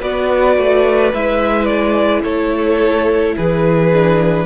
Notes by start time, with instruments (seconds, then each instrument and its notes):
0.00 cello B3, viola F#4, violin B4 D5
0.57 cello A3
1.13 cello G#3, viola E4, violin E5
1.65 violin D5
2.23 cello A3, violin A4 C#5
3.37 cello E3, violin G#4 B4
3.93 viola D4